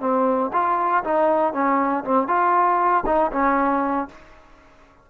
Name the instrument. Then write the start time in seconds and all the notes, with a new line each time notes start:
trombone
0.00 C4
0.53 F4
1.04 D#4
1.53 C#4
2.04 C4
2.28 F4
3.06 D#4
3.32 C#4